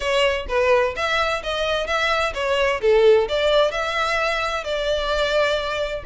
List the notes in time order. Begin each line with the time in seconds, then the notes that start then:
0.00 C#5
0.48 B4
0.96 E5
1.43 D#5
1.86 E5
2.34 C#5
2.81 A4
3.28 D5
3.71 E5
4.64 D5